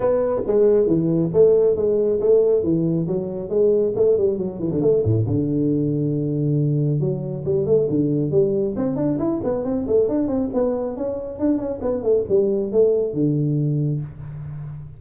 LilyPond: \new Staff \with { instrumentName = "tuba" } { \time 4/4 \tempo 4 = 137 b4 gis4 e4 a4 | gis4 a4 e4 fis4 | gis4 a8 g8 fis8 e16 d16 a8 a,8 | d1 |
fis4 g8 a8 d4 g4 | c'8 d'8 e'8 b8 c'8 a8 d'8 c'8 | b4 cis'4 d'8 cis'8 b8 a8 | g4 a4 d2 | }